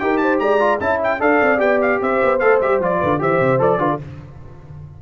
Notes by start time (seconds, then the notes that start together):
0.00 D#4 G4 A#4 G5
0.18 C5 A5
0.40 G#3 D5 A#5
0.60 F4
0.80 C#4 E4 E5 A5
1.04 G5
1.20 D4 A4 D5 F5
1.42 C4
1.59 B3 G4 G5
1.82 F5
2.00 C4 C5 E5
2.23 B3
2.40 A3 A4 F5
2.61 G3 G4 E5
2.80 F3 F4 D5
2.99 D3 B4
3.19 E3 G4 C5 E5
3.41 C3
3.59 F3 A4 D5
3.78 D3 F4 B4
3.90 A4